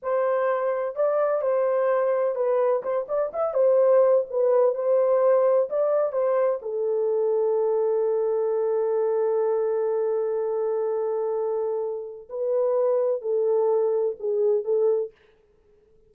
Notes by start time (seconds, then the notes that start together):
0.02 C5
0.95 D5
1.41 C5
2.35 B4
2.82 C5
3.08 D5
3.33 E5
3.54 C5
4.29 B4
4.74 C5
5.69 D5
6.12 C5
6.62 A4
12.29 B4
13.21 A4
14.19 G#4
14.64 A4